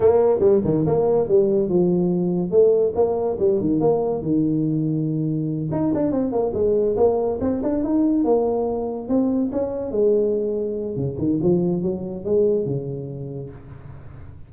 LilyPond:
\new Staff \with { instrumentName = "tuba" } { \time 4/4 \tempo 4 = 142 ais4 g8 dis8 ais4 g4 | f2 a4 ais4 | g8 dis8 ais4 dis2~ | dis4. dis'8 d'8 c'8 ais8 gis8~ |
gis8 ais4 c'8 d'8 dis'4 ais8~ | ais4. c'4 cis'4 gis8~ | gis2 cis8 dis8 f4 | fis4 gis4 cis2 | }